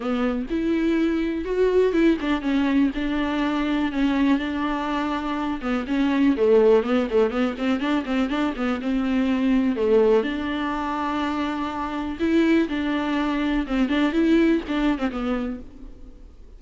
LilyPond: \new Staff \with { instrumentName = "viola" } { \time 4/4 \tempo 4 = 123 b4 e'2 fis'4 | e'8 d'8 cis'4 d'2 | cis'4 d'2~ d'8 b8 | cis'4 a4 b8 a8 b8 c'8 |
d'8 c'8 d'8 b8 c'2 | a4 d'2.~ | d'4 e'4 d'2 | c'8 d'8 e'4 d'8. c'16 b4 | }